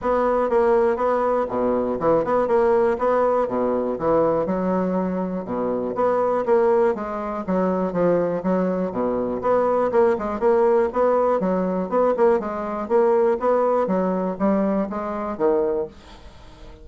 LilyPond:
\new Staff \with { instrumentName = "bassoon" } { \time 4/4 \tempo 4 = 121 b4 ais4 b4 b,4 | e8 b8 ais4 b4 b,4 | e4 fis2 b,4 | b4 ais4 gis4 fis4 |
f4 fis4 b,4 b4 | ais8 gis8 ais4 b4 fis4 | b8 ais8 gis4 ais4 b4 | fis4 g4 gis4 dis4 | }